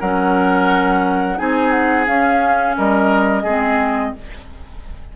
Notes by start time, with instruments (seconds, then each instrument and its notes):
0.00 bassoon F#3, clarinet C#4, oboe A#4, flute F#5
1.37 bassoon C4, clarinet D#4, oboe G#4, flute G#5
1.71 flute F#5
2.06 clarinet C#4, bassoon C#4, flute F5
2.77 bassoon G3, oboe A#4, flute D#5
3.43 bassoon G#3, clarinet C4, oboe G#4